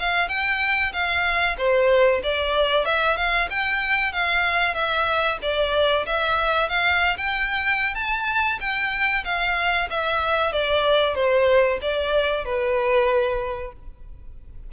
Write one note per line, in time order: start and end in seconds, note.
0.00 0.29 F5
0.29 0.93 G5
0.93 1.57 F5
1.58 2.22 C5
2.24 2.86 D5
2.86 3.17 E5
3.17 3.49 F5
3.50 4.13 G5
4.13 4.75 F5
4.75 5.38 E5
5.42 6.06 D5
6.06 6.69 E5
6.69 7.17 F5
7.18 7.96 G5
7.96 8.59 A5
8.61 9.25 G5
9.25 9.89 F5
9.90 10.53 E5
10.53 11.15 D5
11.15 11.79 C5
11.82 12.45 D5
12.45 13.73 B4